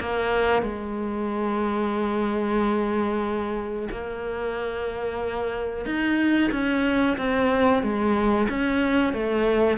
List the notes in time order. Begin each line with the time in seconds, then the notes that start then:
0.00 A#3
0.62 G#3
3.91 A#3
5.86 D#4
6.52 C#4
7.17 C4
7.83 G#3
8.49 C#4
9.13 A3